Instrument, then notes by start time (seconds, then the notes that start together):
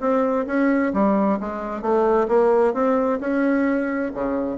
bassoon
0.00 C4
0.46 C#4
0.93 G3
1.40 G#3
1.82 A3
2.28 A#3
2.74 C4
3.20 C#4
4.14 C#3